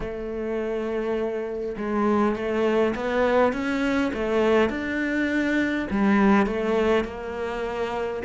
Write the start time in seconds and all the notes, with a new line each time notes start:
0.00 A3
1.76 G#3
2.35 A3
2.95 B3
3.52 C#4
4.13 A3
4.70 D4
5.90 G3
6.46 A3
7.04 A#3